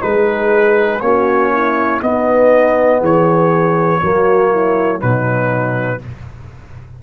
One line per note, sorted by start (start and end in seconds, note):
0.00 1.01 G#3
0.00 1.00 D#4
0.00 1.03 G#4
0.00 1.00 B4
1.00 2.01 A#3
1.00 2.01 C#4
1.00 1.53 F#4
1.00 2.00 C#5
1.53 2.03 E4
2.01 4.01 B3
2.01 3.01 B3
2.01 3.00 D#4
2.01 3.02 D#5
3.00 4.01 E3
3.00 4.00 G#4
3.00 5.01 C#5
4.01 5.03 F#3
4.01 4.99 A#3
4.01 4.51 F#4
4.51 4.99 E4
4.99 6.03 B2
4.99 5.99 F#3
4.99 5.99 D#4
4.99 6.01 B4